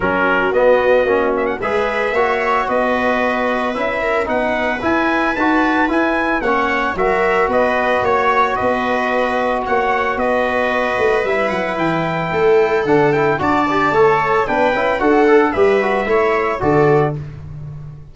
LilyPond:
<<
  \new Staff \with { instrumentName = "trumpet" } { \time 4/4 \tempo 4 = 112 ais'4 dis''4. e''16 fis''16 e''4~ | e''4 dis''2 e''4 | fis''4 gis''4 a''4 gis''4 | fis''4 e''4 dis''4 cis''4 |
dis''2 fis''4 dis''4~ | dis''4 e''8 fis''8 g''2 | fis''8 g''8 a''2 g''4 | fis''4 e''2 d''4 | }
  \new Staff \with { instrumentName = "viola" } { \time 4/4 fis'2. b'4 | cis''4 b'2~ b'8 ais'8 | b'1 | cis''4 ais'4 b'4 cis''4 |
b'2 cis''4 b'4~ | b'2. a'4~ | a'4 d''4 cis''4 b'4 | a'4 b'4 cis''4 a'4 | }
  \new Staff \with { instrumentName = "trombone" } { \time 4/4 cis'4 b4 cis'4 gis'4 | fis'2. e'4 | dis'4 e'4 fis'4 e'4 | cis'4 fis'2.~ |
fis'1~ | fis'4 e'2. | d'8 e'8 fis'8 g'8 a'4 d'8 e'8 | fis'8 a'8 g'8 fis'8 e'4 fis'4 | }
  \new Staff \with { instrumentName = "tuba" } { \time 4/4 fis4 b4 ais4 gis4 | ais4 b2 cis'4 | b4 e'4 dis'4 e'4 | ais4 fis4 b4 ais4 |
b2 ais4 b4~ | b8 a8 g8 fis8 e4 a4 | d4 d'4 a4 b8 cis'8 | d'4 g4 a4 d4 | }
>>